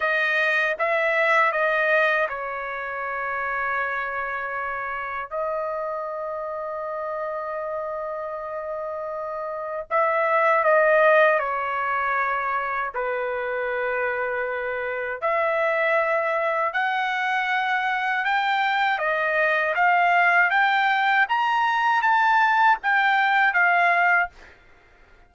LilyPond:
\new Staff \with { instrumentName = "trumpet" } { \time 4/4 \tempo 4 = 79 dis''4 e''4 dis''4 cis''4~ | cis''2. dis''4~ | dis''1~ | dis''4 e''4 dis''4 cis''4~ |
cis''4 b'2. | e''2 fis''2 | g''4 dis''4 f''4 g''4 | ais''4 a''4 g''4 f''4 | }